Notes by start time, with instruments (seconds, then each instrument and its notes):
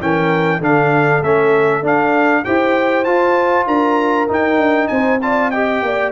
0.00 tuba E3, trombone C#4, horn A#4, trumpet G5
0.59 tuba D3, trombone D4, horn A4, trumpet F5
1.22 tuba A3, trombone C#4, trumpet E5
1.83 trombone D4, tuba D4, trumpet F5
2.44 tuba E4, trombone G4, horn C5, trumpet G5
3.05 trombone F4, tuba F4, trumpet A5
3.67 tuba D4, horn A#4, trumpet A#5
4.28 trombone D#4, tuba D#4, trumpet G5
4.58 tuba D4
4.88 tuba C4, horn C5, trumpet G#5
5.22 trombone F4, horn D5, trumpet A5
5.51 trombone G4, horn D#5, trumpet G5
5.83 tuba A#3, horn D5